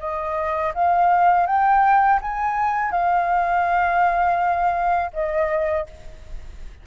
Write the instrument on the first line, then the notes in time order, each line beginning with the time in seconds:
flute
0.00 D#5
0.75 F5
1.47 G5
2.22 G#5
2.92 F5
5.14 D#5